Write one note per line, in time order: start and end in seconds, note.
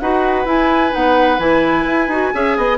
0.00 0.46 D#4
0.00 0.46 F#4
0.00 2.34 B4
0.00 0.47 F#5
0.46 0.92 E4
0.46 0.91 E4
0.46 0.94 G#5
0.91 1.39 B3
0.91 1.38 D#4
0.91 1.40 F#5
1.39 1.85 E3
1.39 2.09 E4
1.39 2.78 G#5
1.86 2.08 E4
2.08 2.31 D#4
2.08 2.33 F#4
2.33 2.57 C#4
2.33 2.78 G#4
2.33 2.58 E5
2.57 2.78 B3
2.57 2.78 D#5